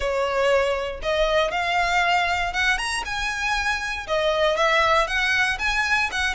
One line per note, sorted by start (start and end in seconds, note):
0.00 1.01 C#5
1.02 1.51 D#5
1.51 2.53 F5
2.53 2.78 F#5
2.78 3.03 A#5
3.05 4.06 G#5
4.07 4.56 D#5
4.56 5.07 E5
5.07 5.58 F#5
5.59 6.09 G#5
6.11 6.34 F#5